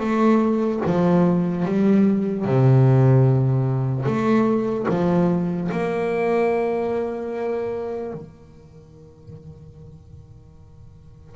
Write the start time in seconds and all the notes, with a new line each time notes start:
0.00 A3
0.86 F3
1.65 G3
2.45 C3
4.06 A3
4.89 F3
5.72 A#3
8.13 D#3